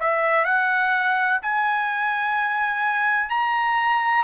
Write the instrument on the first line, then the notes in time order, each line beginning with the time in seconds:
trumpet
0.00 E5
0.45 F#5
1.42 G#5
3.29 A#5